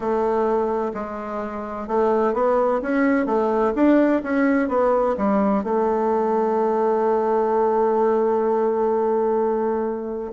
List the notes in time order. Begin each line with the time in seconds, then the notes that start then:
0.00 A3
0.94 G#3
1.87 A3
2.34 B3
2.81 C#4
3.26 A3
3.75 D4
4.23 C#4
4.68 B3
5.17 G3
5.63 A3